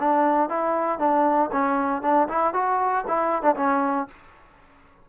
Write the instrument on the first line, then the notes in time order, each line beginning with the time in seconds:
trombone
0.00 D4
0.49 E4
0.99 D4
1.52 C#4
2.03 D4
2.29 E4
2.54 F#4
3.08 E4
3.43 D4
3.56 C#4